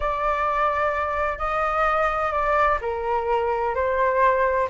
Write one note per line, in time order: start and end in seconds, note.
0.00 1.38 D5
1.38 2.32 D#5
2.32 2.78 D5
2.81 3.74 A#4
3.74 4.68 C5